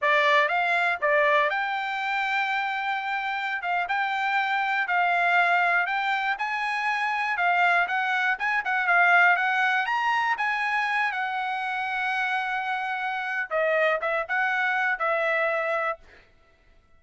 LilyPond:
\new Staff \with { instrumentName = "trumpet" } { \time 4/4 \tempo 4 = 120 d''4 f''4 d''4 g''4~ | g''2.~ g''16 f''8 g''16~ | g''4.~ g''16 f''2 g''16~ | g''8. gis''2 f''4 fis''16~ |
fis''8. gis''8 fis''8 f''4 fis''4 ais''16~ | ais''8. gis''4. fis''4.~ fis''16~ | fis''2. dis''4 | e''8 fis''4. e''2 | }